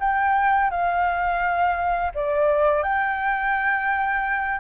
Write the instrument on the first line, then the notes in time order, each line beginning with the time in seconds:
flute
0.00 G5
0.71 F5
2.15 D5
2.83 G5